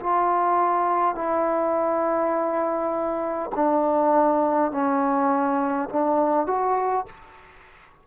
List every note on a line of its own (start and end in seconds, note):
0.00 1.15 F4
1.15 3.50 E4
3.56 4.72 D4
4.72 5.89 C#4
5.90 6.47 D4
6.47 7.06 F#4